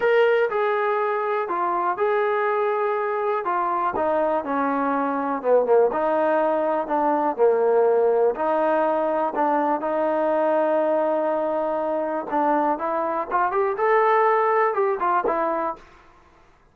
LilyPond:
\new Staff \with { instrumentName = "trombone" } { \time 4/4 \tempo 4 = 122 ais'4 gis'2 f'4 | gis'2. f'4 | dis'4 cis'2 b8 ais8 | dis'2 d'4 ais4~ |
ais4 dis'2 d'4 | dis'1~ | dis'4 d'4 e'4 f'8 g'8 | a'2 g'8 f'8 e'4 | }